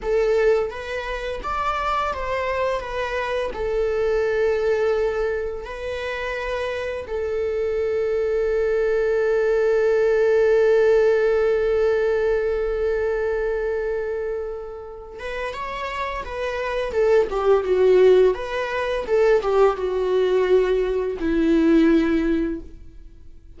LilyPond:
\new Staff \with { instrumentName = "viola" } { \time 4/4 \tempo 4 = 85 a'4 b'4 d''4 c''4 | b'4 a'2. | b'2 a'2~ | a'1~ |
a'1~ | a'4. b'8 cis''4 b'4 | a'8 g'8 fis'4 b'4 a'8 g'8 | fis'2 e'2 | }